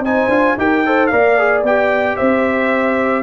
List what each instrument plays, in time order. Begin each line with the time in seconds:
0.00 tuba C4, trombone D#4, horn C5, trumpet G#5
0.28 tuba D4, trombone F4
0.57 tuba D#4, trombone G4, horn A#4, trumpet G5
0.85 trombone A4, horn C5
1.07 tuba A#3, trombone A#4, horn D5, trumpet F5
1.38 trombone G#4
1.63 tuba B3, trombone G4, trumpet G5
2.17 tuba C4, horn C5, trumpet E5